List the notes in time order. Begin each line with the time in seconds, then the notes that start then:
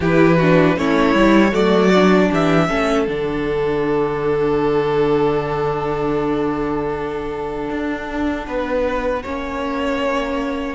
0.00 E3 E4 G4 B4
0.37 D4 F#4
0.77 A3 C#4 E4 C#5
1.14 G3 E4
1.51 F#3 A3 F#4 D5
1.95 D4
2.31 E3 G4 E5
2.68 A3 C#4 A4
3.06 D3 D4 F#5
7.70 D4
8.47 B3 B4
9.23 A#3 C#4 C#5